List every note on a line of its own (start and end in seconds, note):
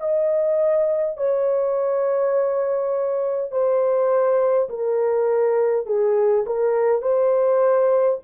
0.00 1.18 D#5
1.18 3.52 C#5
3.52 4.70 C5
4.70 5.87 A#4
5.87 6.45 G#4
6.47 7.02 A#4
7.02 8.20 C5